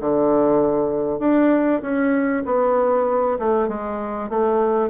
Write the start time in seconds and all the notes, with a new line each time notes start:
0.00 D3
1.19 D4
1.81 C#4
2.45 B3
3.39 A3
3.68 G#3
4.29 A3